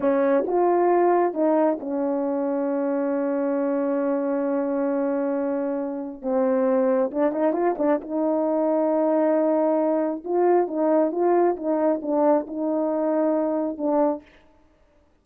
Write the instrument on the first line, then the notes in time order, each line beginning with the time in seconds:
horn
0.00 C#4
0.46 F4
1.33 D#4
1.79 C#4
6.22 C4
7.11 D4
7.32 D#4
7.53 F4
7.78 D4
8.01 D#4
10.24 F4
10.67 D#4
11.11 F4
11.56 D#4
12.02 D4
12.47 D#4
13.77 D4